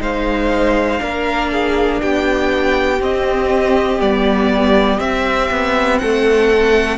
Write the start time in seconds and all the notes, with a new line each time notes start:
0.00 G#3 D#4 C5 F5
0.99 A#3 D4 A#4
1.52 G#4
2.02 B3 G4 G5
3.00 C4 D#5
3.99 G3 B3 D5
4.99 C4 E5
5.51 B3
5.99 A3 A4 F#5